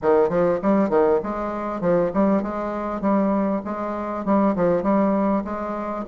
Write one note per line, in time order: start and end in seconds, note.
0.02 0.29 D#3
0.29 0.59 F3
0.61 0.89 G3
0.89 1.20 D#3
1.23 1.80 G#3
1.80 2.11 F3
2.13 2.42 G3
2.42 3.01 G#3
3.01 3.61 G3
3.64 4.25 G#3
4.25 4.55 G3
4.55 4.83 F3
4.83 5.43 G3
5.44 6.05 G#3